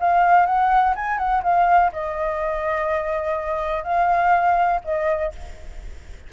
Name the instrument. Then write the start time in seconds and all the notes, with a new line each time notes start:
flute
0.00 F5
0.46 F#5
0.96 G#5
1.18 F#5
1.43 F5
1.92 D#5
3.84 F5
4.84 D#5